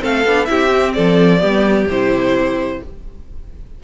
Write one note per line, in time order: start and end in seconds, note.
0.00 0.25 A3
0.00 0.23 C4
0.00 0.48 A4
0.00 0.45 F5
0.25 0.48 B3
0.25 0.46 D4
0.45 0.96 C4
0.45 0.70 E4
0.45 0.95 G4
0.45 0.92 E5
0.71 1.39 C4
0.94 1.43 F3
0.94 1.41 A4
0.94 1.87 D5
1.39 1.86 G3
1.39 1.86 B3
1.39 2.80 G4
1.86 2.79 C3
1.86 2.84 E4
1.86 2.83 C5